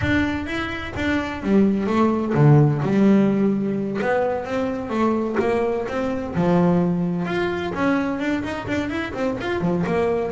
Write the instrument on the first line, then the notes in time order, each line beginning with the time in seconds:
double bass
0.01 D4
0.46 E4
0.96 D4
1.43 G3
1.86 A3
2.34 D3
2.82 G3
4.01 B3
4.44 C4
4.89 A3
5.39 A#3
5.88 C4
6.35 F3
7.25 F4
7.74 C#4
8.19 D4
8.43 D#4
8.67 D4
8.89 E4
9.13 C4
9.40 F4
9.61 F3
9.86 A#3